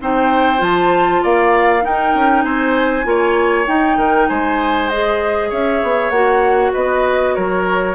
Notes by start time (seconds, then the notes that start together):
0.00 C4 D#4 C5 G5
0.58 F3 F4 A5
1.22 A#3 D5 F5
1.81 D#4 A#4 G5
2.15 C#4
2.43 C4 C5 G#5
3.04 A#3 F4 C#5
3.67 D#4 G5
3.97 D#3 A#4
4.28 G#3 C5 G#5
4.89 G#4 D#5
5.49 C#4 C#5 E5
5.82 B3
6.10 A#3 F#4 F#5
6.73 B3 B4 D#5
7.34 F#3 A#4 C#5